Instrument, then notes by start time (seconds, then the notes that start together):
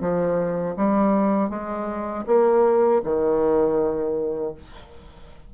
bassoon
0.00 F3
0.76 G3
1.49 G#3
2.26 A#3
3.03 D#3